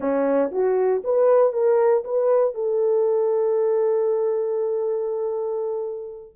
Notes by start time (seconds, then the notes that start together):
0.00 C#4
0.51 F#4
1.04 B4
1.53 A#4
2.04 B4
2.54 A4